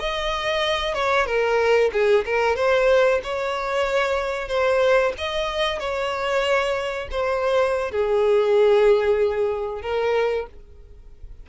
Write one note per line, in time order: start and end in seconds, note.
0.00 0.95 D#5
0.95 1.27 C#5
1.27 1.91 A#4
1.93 2.25 G#4
2.26 2.57 A#4
2.57 3.21 C5
3.24 4.48 C#5
4.48 5.13 C5
5.18 5.80 D#5
5.80 7.09 C#5
7.11 7.92 C5
7.92 9.82 G#4
9.82 10.47 A#4